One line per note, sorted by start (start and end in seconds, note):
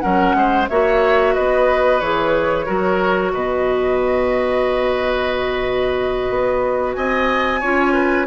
0.00 0.34 F#3
0.00 0.68 C#4
0.00 0.36 A#4
0.00 0.66 F#5
0.34 0.67 G#3
0.34 0.69 C5
0.69 1.36 A#3
0.69 2.02 F#4
0.69 1.35 C#5
0.69 1.34 E5
1.34 2.01 B3
1.34 2.66 B4
1.34 2.00 D#5
2.00 2.67 E3
2.00 2.66 G#4
2.00 3.31 C#5
2.66 3.34 F#3
2.66 7.61 F#4
2.66 3.32 A#4
3.31 6.30 B2
3.31 6.96 B4
3.31 6.94 D#5
6.30 6.96 B3
6.94 7.62 C4
6.94 7.60 D#5
6.94 8.26 G#5
7.60 8.27 C#4
7.60 8.27 F4
7.60 7.93 C#5
7.93 8.26 B4